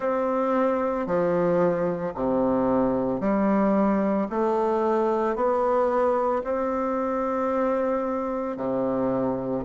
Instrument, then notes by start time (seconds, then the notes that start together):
bassoon
0.00 C4
1.06 F3
2.14 C3
3.20 G3
4.30 A3
5.35 B3
6.43 C4
8.57 C3